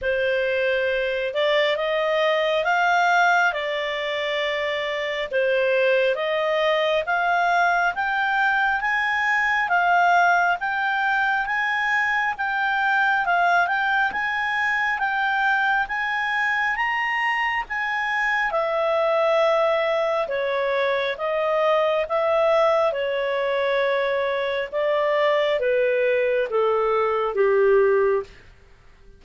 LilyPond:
\new Staff \with { instrumentName = "clarinet" } { \time 4/4 \tempo 4 = 68 c''4. d''8 dis''4 f''4 | d''2 c''4 dis''4 | f''4 g''4 gis''4 f''4 | g''4 gis''4 g''4 f''8 g''8 |
gis''4 g''4 gis''4 ais''4 | gis''4 e''2 cis''4 | dis''4 e''4 cis''2 | d''4 b'4 a'4 g'4 | }